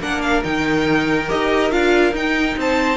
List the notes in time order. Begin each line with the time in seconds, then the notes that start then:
0.00 A#3 D4 A#4 F#5
0.22 F5
0.44 D#3 D#4 G5
1.28 D#4 G4 D#5
1.71 D4 F4 F5
2.12 D#4 G5
2.57 C4 C5 A5